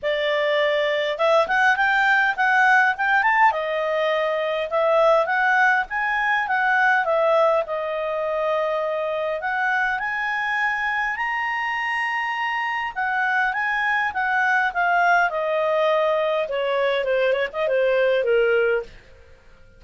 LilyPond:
\new Staff \with { instrumentName = "clarinet" } { \time 4/4 \tempo 4 = 102 d''2 e''8 fis''8 g''4 | fis''4 g''8 a''8 dis''2 | e''4 fis''4 gis''4 fis''4 | e''4 dis''2. |
fis''4 gis''2 ais''4~ | ais''2 fis''4 gis''4 | fis''4 f''4 dis''2 | cis''4 c''8 cis''16 dis''16 c''4 ais'4 | }